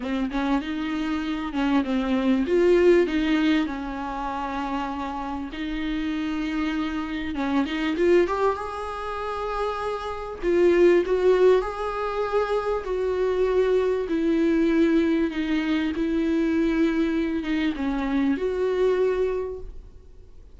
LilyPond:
\new Staff \with { instrumentName = "viola" } { \time 4/4 \tempo 4 = 98 c'8 cis'8 dis'4. cis'8 c'4 | f'4 dis'4 cis'2~ | cis'4 dis'2. | cis'8 dis'8 f'8 g'8 gis'2~ |
gis'4 f'4 fis'4 gis'4~ | gis'4 fis'2 e'4~ | e'4 dis'4 e'2~ | e'8 dis'8 cis'4 fis'2 | }